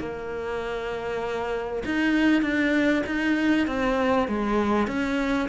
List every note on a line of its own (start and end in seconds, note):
0.00 1.84 A#3
1.86 2.42 D#4
2.42 3.04 D4
3.07 3.68 D#4
3.68 4.29 C4
4.29 4.88 G#3
4.88 5.49 C#4